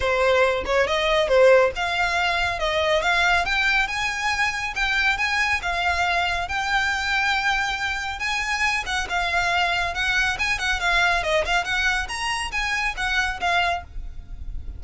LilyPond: \new Staff \with { instrumentName = "violin" } { \time 4/4 \tempo 4 = 139 c''4. cis''8 dis''4 c''4 | f''2 dis''4 f''4 | g''4 gis''2 g''4 | gis''4 f''2 g''4~ |
g''2. gis''4~ | gis''8 fis''8 f''2 fis''4 | gis''8 fis''8 f''4 dis''8 f''8 fis''4 | ais''4 gis''4 fis''4 f''4 | }